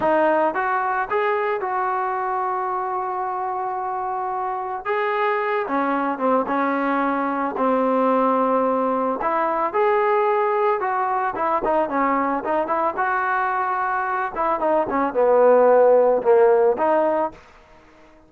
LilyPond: \new Staff \with { instrumentName = "trombone" } { \time 4/4 \tempo 4 = 111 dis'4 fis'4 gis'4 fis'4~ | fis'1~ | fis'4 gis'4. cis'4 c'8 | cis'2 c'2~ |
c'4 e'4 gis'2 | fis'4 e'8 dis'8 cis'4 dis'8 e'8 | fis'2~ fis'8 e'8 dis'8 cis'8 | b2 ais4 dis'4 | }